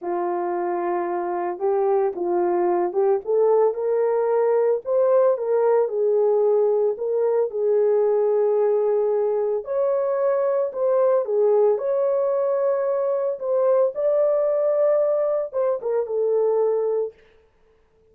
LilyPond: \new Staff \with { instrumentName = "horn" } { \time 4/4 \tempo 4 = 112 f'2. g'4 | f'4. g'8 a'4 ais'4~ | ais'4 c''4 ais'4 gis'4~ | gis'4 ais'4 gis'2~ |
gis'2 cis''2 | c''4 gis'4 cis''2~ | cis''4 c''4 d''2~ | d''4 c''8 ais'8 a'2 | }